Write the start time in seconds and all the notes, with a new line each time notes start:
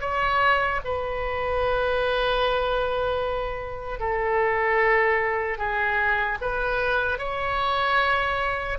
0.00 C#5
0.84 B4
3.99 A4
5.58 G#4
6.41 B4
7.18 C#5